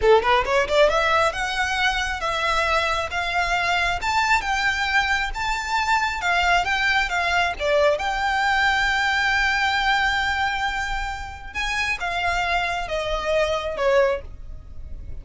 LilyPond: \new Staff \with { instrumentName = "violin" } { \time 4/4 \tempo 4 = 135 a'8 b'8 cis''8 d''8 e''4 fis''4~ | fis''4 e''2 f''4~ | f''4 a''4 g''2 | a''2 f''4 g''4 |
f''4 d''4 g''2~ | g''1~ | g''2 gis''4 f''4~ | f''4 dis''2 cis''4 | }